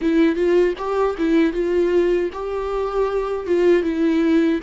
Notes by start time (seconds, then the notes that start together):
0.01 E4
0.35 F4
0.77 G4
1.17 E4
1.52 F4
2.32 G4
3.46 F4
3.83 E4